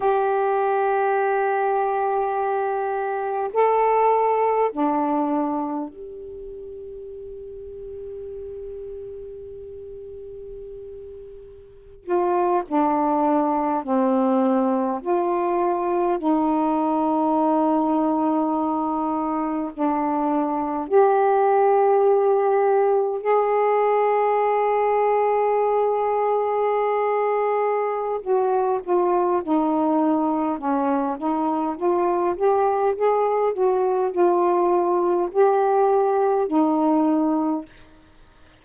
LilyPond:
\new Staff \with { instrumentName = "saxophone" } { \time 4/4 \tempo 4 = 51 g'2. a'4 | d'4 g'2.~ | g'2~ g'16 f'8 d'4 c'16~ | c'8. f'4 dis'2~ dis'16~ |
dis'8. d'4 g'2 gis'16~ | gis'1 | fis'8 f'8 dis'4 cis'8 dis'8 f'8 g'8 | gis'8 fis'8 f'4 g'4 dis'4 | }